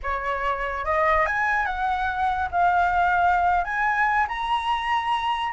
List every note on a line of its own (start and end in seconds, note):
0.02 0.84 C#5
0.84 1.26 D#5
1.26 1.65 G#5
1.65 2.49 F#5
2.51 3.64 F5
3.64 4.26 G#5
4.27 5.52 A#5